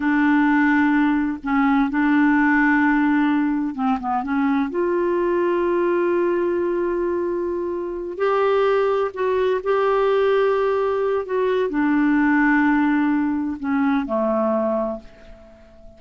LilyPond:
\new Staff \with { instrumentName = "clarinet" } { \time 4/4 \tempo 4 = 128 d'2. cis'4 | d'1 | c'8 b8 cis'4 f'2~ | f'1~ |
f'4. g'2 fis'8~ | fis'8 g'2.~ g'8 | fis'4 d'2.~ | d'4 cis'4 a2 | }